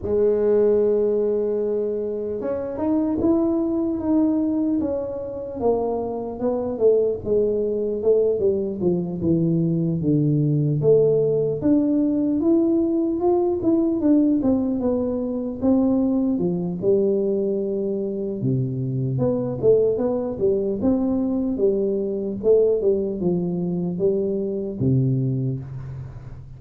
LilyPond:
\new Staff \with { instrumentName = "tuba" } { \time 4/4 \tempo 4 = 75 gis2. cis'8 dis'8 | e'4 dis'4 cis'4 ais4 | b8 a8 gis4 a8 g8 f8 e8~ | e8 d4 a4 d'4 e'8~ |
e'8 f'8 e'8 d'8 c'8 b4 c'8~ | c'8 f8 g2 c4 | b8 a8 b8 g8 c'4 g4 | a8 g8 f4 g4 c4 | }